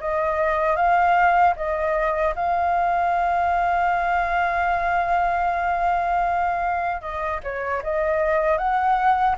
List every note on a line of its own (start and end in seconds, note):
0.00 0.76 D#5
0.76 1.54 F5
1.56 2.34 D#5
2.36 7.01 F5
7.01 7.40 D#5
7.43 7.82 C#5
7.83 8.58 D#5
8.58 9.36 F#5